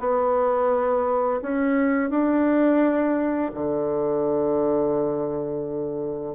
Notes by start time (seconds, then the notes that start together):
0.00 B3
1.42 C#4
2.10 D4
3.54 D3